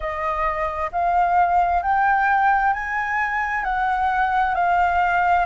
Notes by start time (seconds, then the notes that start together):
0.00 D#5
0.91 F5
1.82 G5
2.73 G#5
3.64 F#5
4.55 F5